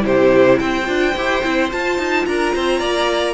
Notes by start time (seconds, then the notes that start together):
0.00 C3 E4 G4 C5
0.59 C4 C5 G5
0.86 D4 F4
1.16 E4 G4
1.44 C4 E4
1.71 F4 A5
1.98 D#4
2.26 D4 A#4 A#5
2.55 C4 C5
2.80 A#3 D5